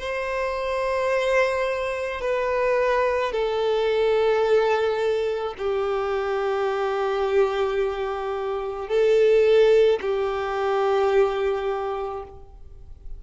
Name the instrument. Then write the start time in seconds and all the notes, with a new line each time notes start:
violin
0.00 C5
2.21 B4
3.32 A4
5.58 G4
8.88 A4
10.01 G4